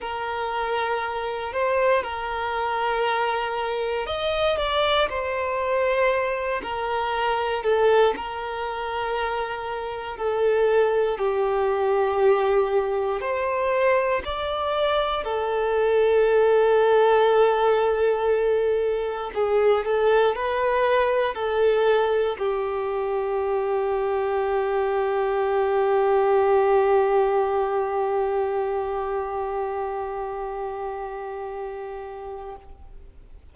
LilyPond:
\new Staff \with { instrumentName = "violin" } { \time 4/4 \tempo 4 = 59 ais'4. c''8 ais'2 | dis''8 d''8 c''4. ais'4 a'8 | ais'2 a'4 g'4~ | g'4 c''4 d''4 a'4~ |
a'2. gis'8 a'8 | b'4 a'4 g'2~ | g'1~ | g'1 | }